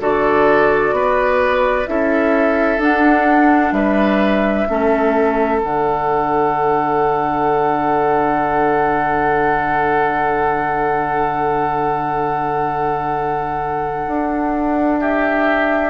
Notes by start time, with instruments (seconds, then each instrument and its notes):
0.00 bassoon D3, clarinet F#4, oboe A4, flute D5
0.92 bassoon B3, oboe B4
1.86 bassoon C#4, clarinet E4, oboe A4, flute E5
2.78 bassoon D4, clarinet D4, flute F#5
3.71 bassoon G3, oboe B4, flute E5
4.68 bassoon A3, clarinet C#4, oboe A4
5.61 bassoon D3, clarinet D4, flute F#5
14.07 bassoon D4
15.00 oboe G4, flute E5